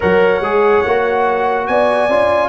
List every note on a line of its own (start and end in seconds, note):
0.00 0.40 F#3
0.00 0.40 A#4
0.00 1.67 C#5
0.00 1.67 F#5
0.40 0.82 G#3
0.40 0.84 G#4
0.85 1.68 A#3
0.85 2.10 F#4
1.67 2.08 B3
1.67 2.48 D5
1.67 2.48 G#5
2.08 2.48 C#4
2.08 2.48 F4